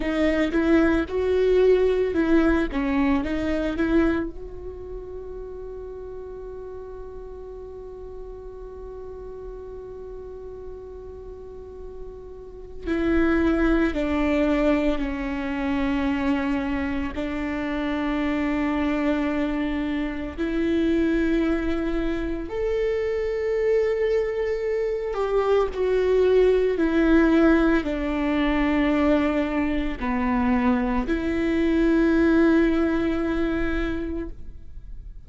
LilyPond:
\new Staff \with { instrumentName = "viola" } { \time 4/4 \tempo 4 = 56 dis'8 e'8 fis'4 e'8 cis'8 dis'8 e'8 | fis'1~ | fis'1 | e'4 d'4 cis'2 |
d'2. e'4~ | e'4 a'2~ a'8 g'8 | fis'4 e'4 d'2 | b4 e'2. | }